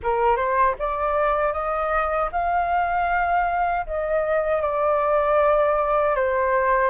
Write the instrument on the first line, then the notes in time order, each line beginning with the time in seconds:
flute
0.02 A#4
0.36 C5
0.78 D5
1.52 D#5
2.31 F5
3.86 D#5
4.61 D5
6.15 C5